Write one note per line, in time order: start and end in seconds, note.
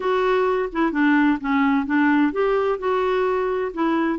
0.00 0.69 F#4
0.72 0.92 E4
0.92 1.38 D4
1.40 1.85 C#4
1.85 2.32 D4
2.32 2.78 G4
2.78 3.71 F#4
3.73 4.19 E4